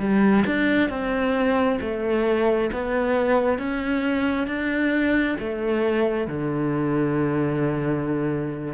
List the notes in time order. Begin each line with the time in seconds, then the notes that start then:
0.00 G3
0.47 D4
0.90 C4
1.81 A3
2.73 B3
3.59 C#4
4.48 D4
5.39 A3
6.28 D3